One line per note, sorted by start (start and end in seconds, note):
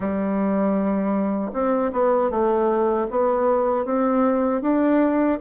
0.00 1.51 G3
1.53 1.91 C4
1.92 2.30 B3
2.30 3.07 A3
3.10 3.85 B3
3.85 4.62 C4
4.62 5.38 D4